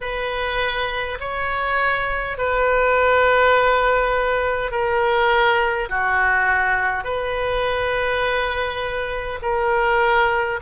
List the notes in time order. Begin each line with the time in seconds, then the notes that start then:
0.01 B4
1.20 C#5
2.37 B4
4.71 A#4
5.89 F#4
7.04 B4
9.42 A#4